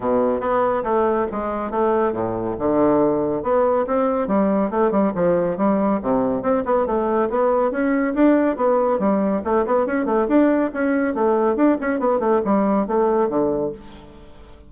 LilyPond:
\new Staff \with { instrumentName = "bassoon" } { \time 4/4 \tempo 4 = 140 b,4 b4 a4 gis4 | a4 a,4 d2 | b4 c'4 g4 a8 g8 | f4 g4 c4 c'8 b8 |
a4 b4 cis'4 d'4 | b4 g4 a8 b8 cis'8 a8 | d'4 cis'4 a4 d'8 cis'8 | b8 a8 g4 a4 d4 | }